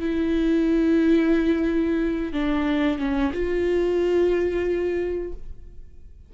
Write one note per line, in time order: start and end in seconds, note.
0.00 2.33 E4
2.33 2.99 D4
2.99 3.32 C#4
3.33 5.33 F4